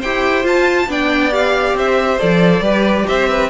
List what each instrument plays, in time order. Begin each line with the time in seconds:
0.00 cello E4, viola G4, violin C5 G5
0.44 viola F4, cello F4, violin A5
0.87 cello B3, viola D4, violin D5 G5
1.32 viola G4, violin F5
1.74 cello C4, violin C5 E5
2.19 cello F3, viola A4, violin D5
2.60 cello G3, viola G4, violin B4
3.07 cello C4, violin C5 E5
3.29 violin B4